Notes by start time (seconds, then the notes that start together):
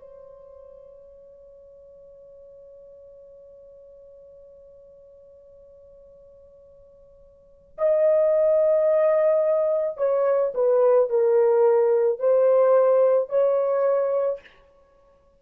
0.00 C#5
7.78 D#5
9.98 C#5
10.55 B4
11.10 A#4
12.20 C5
13.30 C#5